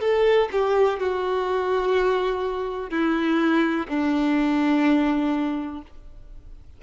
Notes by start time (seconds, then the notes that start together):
0.00 A4
0.52 G4
0.99 F#4
2.90 E4
3.88 D4